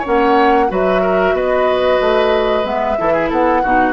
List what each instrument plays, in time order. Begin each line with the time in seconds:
0.00 clarinet C#4, oboe C#5
0.06 bassoon A#3, flute F#5
0.69 bassoon F#3, clarinet F#4, oboe B4, flute E5
1.02 oboe A#4
1.33 bassoon B3, oboe B4, flute D#5
2.01 bassoon A3
2.64 bassoon G#3, clarinet B3, flute E5
2.98 bassoon E3, clarinet E4, oboe A4
3.13 oboe G#4
3.29 bassoon B3, oboe A4, flute F#5
3.63 bassoon B2, clarinet D#4, oboe F#4